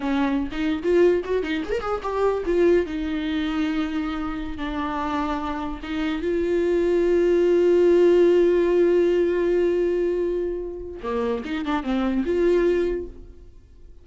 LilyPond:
\new Staff \with { instrumentName = "viola" } { \time 4/4 \tempo 4 = 147 cis'4~ cis'16 dis'8. f'4 fis'8 dis'8 | gis'16 ais'16 gis'8 g'4 f'4 dis'4~ | dis'2.~ dis'16 d'8.~ | d'2~ d'16 dis'4 f'8.~ |
f'1~ | f'1~ | f'2. ais4 | dis'8 d'8 c'4 f'2 | }